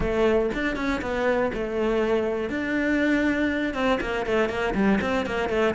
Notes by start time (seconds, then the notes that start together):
0.00 A3
0.53 D4
0.75 C#4
1.01 B3
1.53 A3
2.49 D4
3.74 C4
4.00 A#3
4.26 A3
4.49 A#3
4.74 G3
5.01 C4
5.25 A#3
5.49 A3